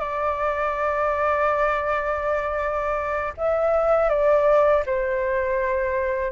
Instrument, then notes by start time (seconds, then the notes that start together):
flute
0.00 D5
3.37 E5
4.09 D5
4.86 C5